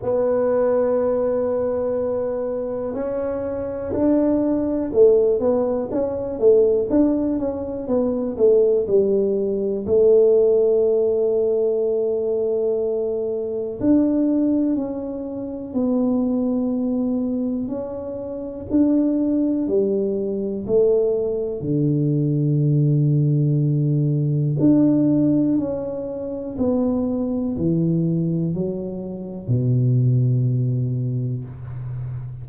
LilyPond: \new Staff \with { instrumentName = "tuba" } { \time 4/4 \tempo 4 = 61 b2. cis'4 | d'4 a8 b8 cis'8 a8 d'8 cis'8 | b8 a8 g4 a2~ | a2 d'4 cis'4 |
b2 cis'4 d'4 | g4 a4 d2~ | d4 d'4 cis'4 b4 | e4 fis4 b,2 | }